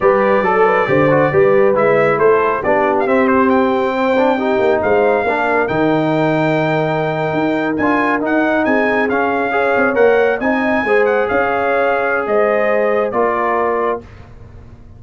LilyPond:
<<
  \new Staff \with { instrumentName = "trumpet" } { \time 4/4 \tempo 4 = 137 d''1 | e''4 c''4 d''8. f''16 e''8 c''8 | g''2. f''4~ | f''4 g''2.~ |
g''4.~ g''16 gis''4 fis''4 gis''16~ | gis''8. f''2 fis''4 gis''16~ | gis''4~ gis''16 fis''8 f''2~ f''16 | dis''2 d''2 | }
  \new Staff \with { instrumentName = "horn" } { \time 4/4 b'4 a'8 b'8 c''4 b'4~ | b'4 a'4 g'2~ | g'4 c''4 g'4 c''4 | ais'1~ |
ais'2.~ ais'8. gis'16~ | gis'4.~ gis'16 cis''2 dis''16~ | dis''8. c''4 cis''2~ cis''16 | c''2 ais'2 | }
  \new Staff \with { instrumentName = "trombone" } { \time 4/4 g'4 a'4 g'8 fis'8 g'4 | e'2 d'4 c'4~ | c'4. d'8 dis'2 | d'4 dis'2.~ |
dis'4.~ dis'16 f'4 dis'4~ dis'16~ | dis'8. cis'4 gis'4 ais'4 dis'16~ | dis'8. gis'2.~ gis'16~ | gis'2 f'2 | }
  \new Staff \with { instrumentName = "tuba" } { \time 4/4 g4 fis4 d4 g4 | gis4 a4 b4 c'4~ | c'2~ c'8 ais8 gis4 | ais4 dis2.~ |
dis8. dis'4 d'4 dis'4 c'16~ | c'8. cis'4. c'8 ais4 c'16~ | c'8. gis4 cis'2~ cis'16 | gis2 ais2 | }
>>